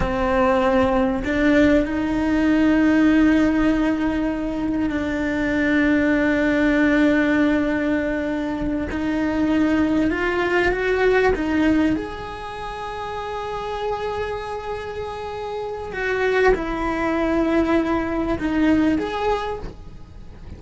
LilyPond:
\new Staff \with { instrumentName = "cello" } { \time 4/4 \tempo 4 = 98 c'2 d'4 dis'4~ | dis'1 | d'1~ | d'2~ d'8 dis'4.~ |
dis'8 f'4 fis'4 dis'4 gis'8~ | gis'1~ | gis'2 fis'4 e'4~ | e'2 dis'4 gis'4 | }